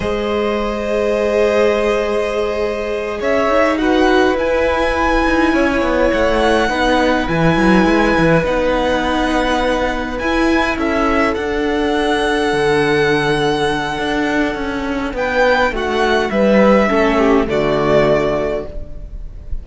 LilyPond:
<<
  \new Staff \with { instrumentName = "violin" } { \time 4/4 \tempo 4 = 103 dis''1~ | dis''4. e''4 fis''4 gis''8~ | gis''2~ gis''8 fis''4.~ | fis''8 gis''2 fis''4.~ |
fis''4. gis''4 e''4 fis''8~ | fis''1~ | fis''2 g''4 fis''4 | e''2 d''2 | }
  \new Staff \with { instrumentName = "violin" } { \time 4/4 c''1~ | c''4. cis''4 b'4.~ | b'4. cis''2 b'8~ | b'1~ |
b'2~ b'8 a'4.~ | a'1~ | a'2 b'4 fis'4 | b'4 a'8 g'8 fis'2 | }
  \new Staff \with { instrumentName = "viola" } { \time 4/4 gis'1~ | gis'2~ gis'8 fis'4 e'8~ | e'2.~ e'8 dis'8~ | dis'8 e'2 dis'4.~ |
dis'4. e'2 d'8~ | d'1~ | d'1~ | d'4 cis'4 a2 | }
  \new Staff \with { instrumentName = "cello" } { \time 4/4 gis1~ | gis4. cis'8 dis'4. e'8~ | e'4 dis'8 cis'8 b8 a4 b8~ | b8 e8 fis8 gis8 e8 b4.~ |
b4. e'4 cis'4 d'8~ | d'4. d2~ d8 | d'4 cis'4 b4 a4 | g4 a4 d2 | }
>>